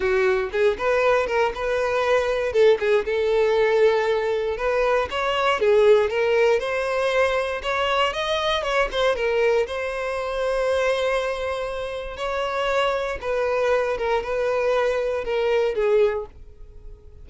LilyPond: \new Staff \with { instrumentName = "violin" } { \time 4/4 \tempo 4 = 118 fis'4 gis'8 b'4 ais'8 b'4~ | b'4 a'8 gis'8 a'2~ | a'4 b'4 cis''4 gis'4 | ais'4 c''2 cis''4 |
dis''4 cis''8 c''8 ais'4 c''4~ | c''1 | cis''2 b'4. ais'8 | b'2 ais'4 gis'4 | }